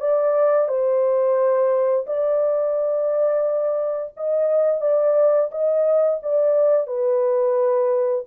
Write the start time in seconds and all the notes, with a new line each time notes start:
0.00 D5
0.68 C5
2.07 D5
4.17 D#5
4.81 D5
5.51 D#5
6.23 D5
6.87 B4